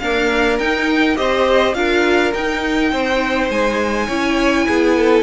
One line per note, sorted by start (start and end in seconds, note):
0.00 0.61 A#3
0.00 0.59 D4
0.00 1.18 A#4
0.00 0.58 F5
0.59 1.18 D#4
0.59 1.16 D#4
0.59 1.17 G5
1.16 1.75 C4
1.16 1.74 G4
1.16 1.76 C5
1.16 1.75 D#5
1.75 2.33 D4
1.75 2.33 F4
1.75 2.92 A#4
1.75 2.33 F5
2.34 2.92 D#4
2.34 4.10 D#4
2.34 3.51 G5
2.92 3.50 C4
2.92 4.07 C5
3.50 4.09 G#3
3.50 5.23 G#5
4.07 4.67 C#4
4.07 5.23 E4
4.07 4.65 C#5
4.68 5.23 B3
4.68 4.97 G#4
4.97 5.23 A4